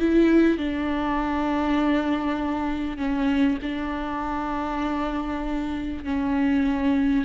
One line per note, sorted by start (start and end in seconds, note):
0.00 0.58 E4
0.58 2.98 D4
2.98 3.58 C#4
3.63 6.04 D4
6.04 7.25 C#4